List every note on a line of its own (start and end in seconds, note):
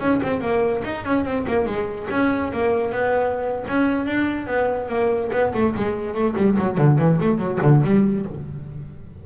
0.00 0.21 C#4
0.23 0.41 C4
0.41 0.83 A#3
0.85 1.05 D#4
1.05 1.25 C#4
1.25 1.46 C4
1.48 1.66 A#3
1.66 2.07 G#3
2.11 2.52 C#4
2.53 2.92 A#3
2.92 3.65 B3
3.68 4.06 C#4
4.06 4.47 D4
4.47 4.89 B3
4.89 5.30 A#3
5.32 5.53 B3
5.54 5.75 A3
5.76 6.14 G#3
6.14 6.35 A3
6.37 6.57 G3
6.59 6.78 F#3
6.78 6.99 D3
6.99 7.20 E3
7.21 7.38 A3
7.38 7.59 F#3
7.62 7.83 D3
7.84 8.26 G3